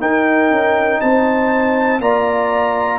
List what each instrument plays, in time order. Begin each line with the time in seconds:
0.00 trombone D#4, tuba D#4, horn A#4, trumpet G5
0.50 tuba C#4
1.00 tuba C4, horn C5, trumpet A5
1.99 tuba A#3, trombone F4, horn D5, trumpet A#5